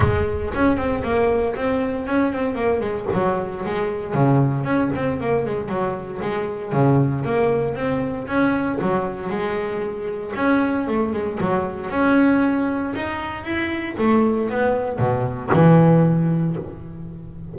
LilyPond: \new Staff \with { instrumentName = "double bass" } { \time 4/4 \tempo 4 = 116 gis4 cis'8 c'8 ais4 c'4 | cis'8 c'8 ais8 gis8 fis4 gis4 | cis4 cis'8 c'8 ais8 gis8 fis4 | gis4 cis4 ais4 c'4 |
cis'4 fis4 gis2 | cis'4 a8 gis8 fis4 cis'4~ | cis'4 dis'4 e'4 a4 | b4 b,4 e2 | }